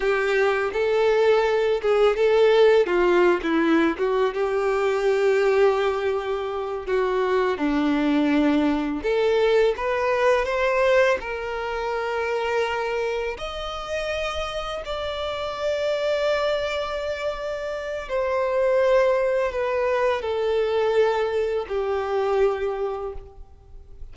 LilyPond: \new Staff \with { instrumentName = "violin" } { \time 4/4 \tempo 4 = 83 g'4 a'4. gis'8 a'4 | f'8. e'8. fis'8 g'2~ | g'4. fis'4 d'4.~ | d'8 a'4 b'4 c''4 ais'8~ |
ais'2~ ais'8 dis''4.~ | dis''8 d''2.~ d''8~ | d''4 c''2 b'4 | a'2 g'2 | }